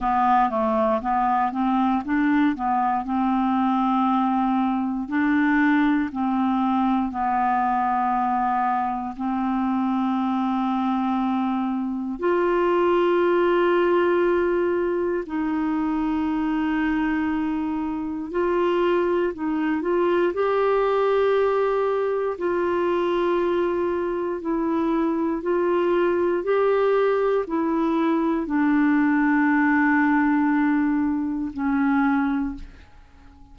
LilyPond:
\new Staff \with { instrumentName = "clarinet" } { \time 4/4 \tempo 4 = 59 b8 a8 b8 c'8 d'8 b8 c'4~ | c'4 d'4 c'4 b4~ | b4 c'2. | f'2. dis'4~ |
dis'2 f'4 dis'8 f'8 | g'2 f'2 | e'4 f'4 g'4 e'4 | d'2. cis'4 | }